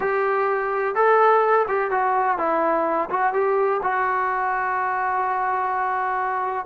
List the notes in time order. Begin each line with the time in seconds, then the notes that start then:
0.00 G4
0.95 A4
1.68 G4
1.90 F#4
2.37 E4
3.10 F#4
3.33 G4
3.82 F#4